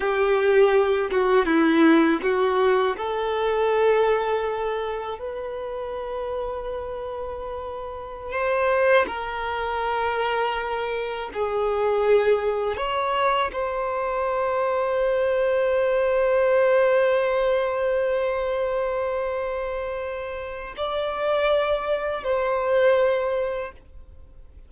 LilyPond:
\new Staff \with { instrumentName = "violin" } { \time 4/4 \tempo 4 = 81 g'4. fis'8 e'4 fis'4 | a'2. b'4~ | b'2.~ b'16 c''8.~ | c''16 ais'2. gis'8.~ |
gis'4~ gis'16 cis''4 c''4.~ c''16~ | c''1~ | c''1 | d''2 c''2 | }